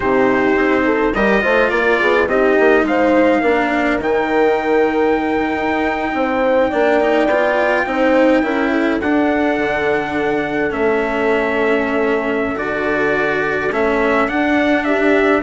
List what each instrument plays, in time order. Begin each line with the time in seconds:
0.00 bassoon C3, cello D#4, horn G4, trumpet C5
0.55 bassoon C4
0.85 horn A4
1.14 bassoon G3, cello G4, horn A#4, trumpet D#5
1.41 bassoon A3, cello F4, horn C5
1.69 bassoon A#3, horn A#4, trumpet D5
2.00 bassoon B3, horn G#4
2.27 bassoon C4, cello D#4, horn G4, trumpet D#5
2.59 bassoon A#3
2.83 bassoon G#3, horn C5, trumpet F5
3.41 bassoon A#3, cello D4, horn A#4
3.97 bassoon D#3, cello D#4, trumpet G5
5.56 bassoon D#4
6.13 bassoon C4, horn C5
6.69 bassoon A#3, cello D4, horn D5
7.00 cello D#4
7.26 bassoon B3, cello F4
7.86 bassoon C4, cello D#4, horn C5
8.42 bassoon C#4, cello E4, horn A#4
8.71 horn A4
9.01 bassoon D4, cello D4, trumpet F#5
9.57 bassoon D3
10.70 bassoon A3, cello C#4, trumpet E5
12.55 bassoon D3, cello F#4, trumpet D5
13.70 bassoon A3, cello C#4, trumpet E5
14.28 cello D4, bassoon D4, trumpet F#5
14.84 horn G4, trumpet E5